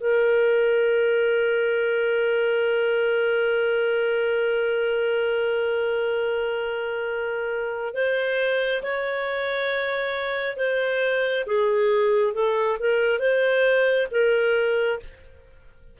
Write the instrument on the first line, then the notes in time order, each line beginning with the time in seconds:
clarinet
0.00 A#4
7.94 C5
8.83 C#5
10.57 C5
11.46 G#4
12.34 A4
12.79 A#4
13.20 C5
14.11 A#4